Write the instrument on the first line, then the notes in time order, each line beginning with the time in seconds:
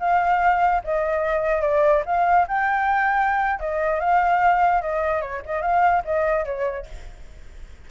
flute
0.00 F5
0.84 D#5
1.62 D5
2.06 F5
2.48 G5
3.60 D#5
4.00 F5
4.82 D#5
5.21 C#5
5.46 D#5
5.62 F5
6.05 D#5
6.45 C#5